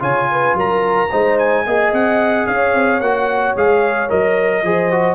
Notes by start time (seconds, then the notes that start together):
0.00 C#3 F4 C#5 G#5
0.31 B4
0.54 F#3 A#4 A#5
1.11 G#3 D#4 C5
1.39 G#5
1.66 A#3 G#4 D#5
1.93 C4 F#5
2.47 C#4 C#5 F5
2.74 C4
3.01 A#3 F#4 F#5
3.56 G#3 G#4 F5
4.09 F#3 A#4 D#5
4.63 F3 G#4 C5
4.92 F#4